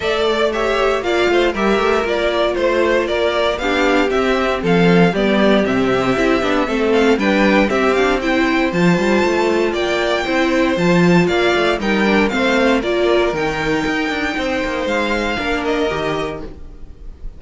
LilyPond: <<
  \new Staff \with { instrumentName = "violin" } { \time 4/4 \tempo 4 = 117 e''8 d''8 e''4 f''4 e''4 | d''4 c''4 d''4 f''4 | e''4 f''4 d''4 e''4~ | e''4. f''8 g''4 e''8 f''8 |
g''4 a''2 g''4~ | g''4 a''4 f''4 g''4 | f''4 d''4 g''2~ | g''4 f''4. dis''4. | }
  \new Staff \with { instrumentName = "violin" } { \time 4/4 d''4 cis''4 d''8 c''8 ais'4~ | ais'4 c''4 ais'4 g'4~ | g'4 a'4 g'2~ | g'4 a'4 b'4 g'4 |
c''2. d''4 | c''2 d''4 ais'4 | c''4 ais'2. | c''2 ais'2 | }
  \new Staff \with { instrumentName = "viola" } { \time 4/4 a'4 g'4 f'4 g'4 | f'2. d'4 | c'2 b4 c'4 | e'8 d'8 c'4 d'4 c'8 d'8 |
e'4 f'2. | e'4 f'2 dis'8 d'8 | c'4 f'4 dis'2~ | dis'2 d'4 g'4 | }
  \new Staff \with { instrumentName = "cello" } { \time 4/4 a2 ais8 a8 g8 a8 | ais4 a4 ais4 b4 | c'4 f4 g4 c4 | c'8 b8 a4 g4 c'4~ |
c'4 f8 g8 a4 ais4 | c'4 f4 ais8 a8 g4 | a4 ais4 dis4 dis'8 d'8 | c'8 ais8 gis4 ais4 dis4 | }
>>